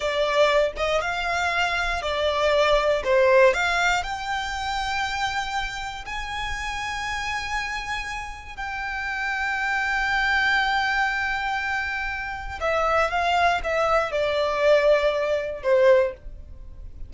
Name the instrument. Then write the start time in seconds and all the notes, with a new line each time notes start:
violin
0.00 D5
0.76 D#5
1.01 F5
2.01 D5
3.04 C5
3.53 F5
4.03 G5
6.05 G#5
8.56 G5
12.60 E5
13.10 F5
13.63 E5
14.11 D5
15.62 C5